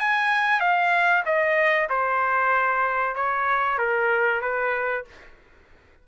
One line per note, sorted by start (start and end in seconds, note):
0.00 0.60 G#5
0.60 1.23 F5
1.26 1.89 D#5
1.89 3.16 C5
3.16 3.78 C#5
3.78 4.42 A#4
4.42 5.05 B4